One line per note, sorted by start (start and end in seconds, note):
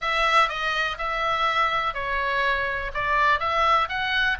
0.01 0.48 E5
0.48 0.97 D#5
0.98 1.94 E5
1.94 2.91 C#5
2.94 3.39 D5
3.39 3.88 E5
3.88 4.37 F#5